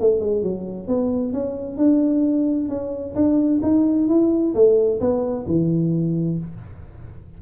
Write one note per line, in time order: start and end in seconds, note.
0.00 0.20 A3
0.20 0.42 G#3
0.42 0.87 F#3
0.87 1.33 B3
1.33 1.77 C#4
1.77 2.69 D4
2.69 3.15 C#4
3.15 3.61 D4
3.62 4.08 D#4
4.08 4.54 E4
4.54 5.00 A3
5.00 5.46 B3
5.47 6.38 E3